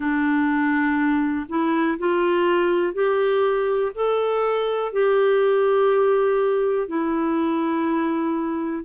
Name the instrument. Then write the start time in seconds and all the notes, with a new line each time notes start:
clarinet
0.00 D4
1.48 E4
1.98 F4
2.93 G4
3.94 A4
4.92 G4
6.87 E4